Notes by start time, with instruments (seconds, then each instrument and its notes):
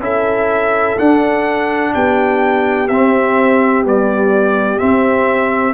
0.00 tuba C#4, trombone E4, horn A4, trumpet E5
0.97 trombone D4, tuba D4, trumpet F#5
1.94 tuba B3, horn G4, trumpet G5
2.88 tuba C4, trombone C4, trumpet E5
3.84 trombone G3, tuba B3, trumpet D5
4.78 trombone C4, tuba C4, trumpet E5